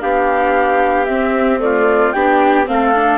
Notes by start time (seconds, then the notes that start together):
0.00 B3 D4 G4 F5
1.05 C4 E5
1.59 A3 F4 D5
2.13 B3 D4 G4 G5
2.66 A3 C4 A4 F5
2.95 D4